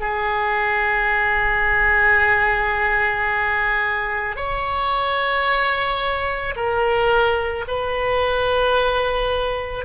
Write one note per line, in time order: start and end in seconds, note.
0.00 4.36 G#4
4.36 6.55 C#5
6.56 7.65 A#4
7.68 9.85 B4